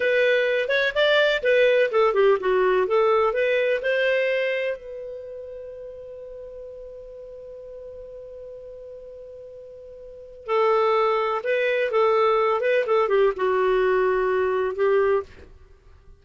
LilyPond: \new Staff \with { instrumentName = "clarinet" } { \time 4/4 \tempo 4 = 126 b'4. cis''8 d''4 b'4 | a'8 g'8 fis'4 a'4 b'4 | c''2 b'2~ | b'1~ |
b'1~ | b'2 a'2 | b'4 a'4. b'8 a'8 g'8 | fis'2. g'4 | }